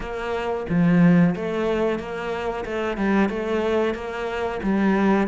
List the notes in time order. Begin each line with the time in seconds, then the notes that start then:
0.00 A#3
0.69 F3
1.35 A3
1.99 A#3
2.65 A3
2.97 G3
3.29 A3
3.94 A#3
4.62 G3